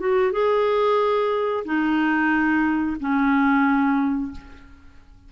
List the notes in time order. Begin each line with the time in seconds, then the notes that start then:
0.00 F#4
0.32 G#4
1.65 D#4
3.00 C#4